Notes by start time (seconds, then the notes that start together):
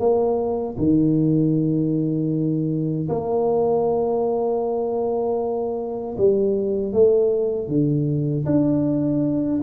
0.00 A#3
0.78 D#3
3.09 A#3
6.18 G3
6.93 A3
7.69 D3
8.46 D4